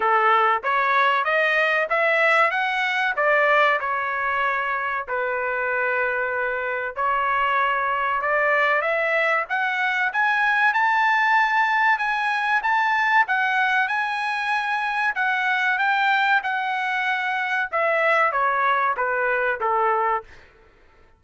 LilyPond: \new Staff \with { instrumentName = "trumpet" } { \time 4/4 \tempo 4 = 95 a'4 cis''4 dis''4 e''4 | fis''4 d''4 cis''2 | b'2. cis''4~ | cis''4 d''4 e''4 fis''4 |
gis''4 a''2 gis''4 | a''4 fis''4 gis''2 | fis''4 g''4 fis''2 | e''4 cis''4 b'4 a'4 | }